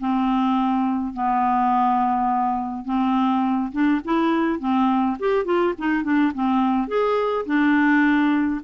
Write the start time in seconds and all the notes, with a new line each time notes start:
0.00 C4
1.14 B3
2.86 C4
3.72 D4
4.05 E4
4.60 C4
5.20 G4
5.45 F4
5.78 D#4
6.04 D4
6.35 C4
6.88 G#4
7.46 D4